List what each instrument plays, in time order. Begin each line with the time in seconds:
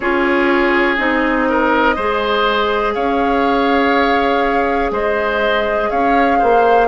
0.00 bassoon C#4, clarinet F4, oboe G#4, flute C#5
0.97 bassoon C4, clarinet D#4, flute D#5
1.49 oboe A#4
1.95 bassoon G#3, clarinet G#4, oboe C5
2.94 bassoon C#4, oboe C#5, flute F5
4.91 bassoon G#3, oboe C5, flute D#5
5.90 bassoon C#4, oboe C#5, flute F5
6.38 bassoon A#3, oboe C5